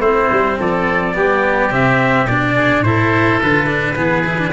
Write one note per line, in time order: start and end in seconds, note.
0.00 0.28 A3
0.00 1.14 C4
0.00 0.57 E4
0.00 0.58 C5
0.31 0.60 G3
0.60 1.15 F3
0.60 1.16 A4
0.60 1.74 D5
1.14 1.71 G3
1.14 1.71 B3
1.14 2.55 G4
1.71 2.27 C3
1.71 2.27 C4
1.71 2.28 E5
2.27 2.82 B2
2.27 2.86 D4
2.27 2.84 D5
2.55 2.84 G#4
2.82 3.39 A2
2.82 3.42 E4
2.82 3.96 A4
2.82 3.40 C5
3.43 3.96 D3
3.43 3.67 F4
3.43 4.53 B4
3.67 3.95 D4
3.96 4.53 E3
3.96 4.25 B3
3.96 4.53 G#4
4.26 4.39 E4
4.39 4.53 D4